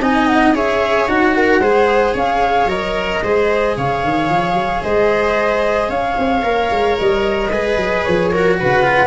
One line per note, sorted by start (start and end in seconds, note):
0.00 0.54 C4
0.00 0.55 D#4
0.00 0.55 D#5
0.00 0.28 G#5
0.28 0.54 F#5
0.54 1.07 C#4
0.54 1.09 G#4
0.54 1.36 C#5
0.54 1.08 E5
1.08 1.60 D#4
1.08 1.62 F#4
1.08 2.15 F#5
1.37 1.62 A#4
1.60 2.13 G#3
1.60 2.69 G#4
1.60 2.15 C5
2.15 2.66 C#4
2.15 3.22 C#5
2.15 2.70 F5
2.66 3.20 F#3
2.66 3.23 A#4
2.66 3.77 D#5
3.23 3.77 G#3
3.23 6.43 G#4
3.23 3.77 C5
3.77 4.04 C#3
3.77 4.84 C#5
3.77 4.84 F5
4.04 4.30 D#3
4.30 4.54 F3
4.54 4.81 F#3
4.84 5.89 G#3
4.84 5.89 C5
4.84 5.91 D#5
5.89 6.16 C#4
5.89 7.50 C#5
5.89 6.98 F5
6.19 6.44 C4
6.43 6.70 A#3
6.43 7.50 A#4
6.71 6.98 G#3
6.99 7.52 G3
6.99 8.04 D#5
7.51 7.77 G#3
7.51 8.34 G#4
7.51 8.31 B4
7.77 8.04 F#3
8.04 8.61 F3
8.04 8.58 C#5
8.32 8.84 F#4
8.32 8.58 A#4
8.60 9.07 C#3
8.60 9.07 B4
8.60 9.07 F#5
8.84 9.07 F4